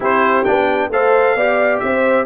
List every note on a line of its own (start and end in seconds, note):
0.00 0.46 C4
0.00 0.45 E4
0.00 0.90 G4
0.00 0.44 C5
0.44 0.89 B3
0.44 0.90 D4
0.44 0.90 G5
0.89 1.35 A3
0.89 1.38 A4
0.89 1.36 C5
0.89 1.79 F5
1.35 1.80 B3
1.35 2.26 G4
1.35 1.82 D5
1.79 2.26 C4
1.79 2.26 C5
1.79 2.25 E5